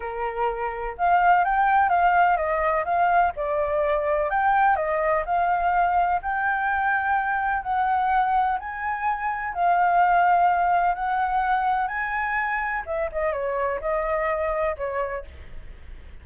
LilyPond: \new Staff \with { instrumentName = "flute" } { \time 4/4 \tempo 4 = 126 ais'2 f''4 g''4 | f''4 dis''4 f''4 d''4~ | d''4 g''4 dis''4 f''4~ | f''4 g''2. |
fis''2 gis''2 | f''2. fis''4~ | fis''4 gis''2 e''8 dis''8 | cis''4 dis''2 cis''4 | }